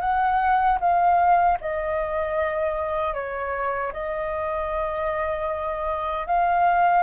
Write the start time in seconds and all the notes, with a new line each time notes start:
0.00 F#5
0.80 F5
1.60 D#5
3.14 C#5
3.92 D#5
6.27 F5